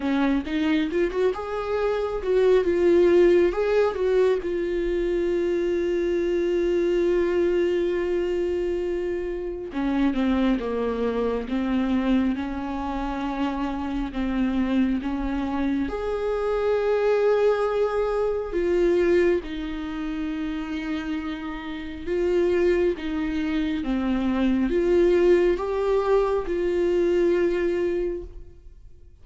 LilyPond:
\new Staff \with { instrumentName = "viola" } { \time 4/4 \tempo 4 = 68 cis'8 dis'8 f'16 fis'16 gis'4 fis'8 f'4 | gis'8 fis'8 f'2.~ | f'2. cis'8 c'8 | ais4 c'4 cis'2 |
c'4 cis'4 gis'2~ | gis'4 f'4 dis'2~ | dis'4 f'4 dis'4 c'4 | f'4 g'4 f'2 | }